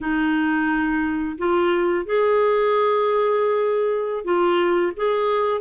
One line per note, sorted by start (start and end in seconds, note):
0.00 1.37 D#4
1.38 2.05 F4
2.05 4.24 G#4
4.24 4.92 F4
4.96 5.61 G#4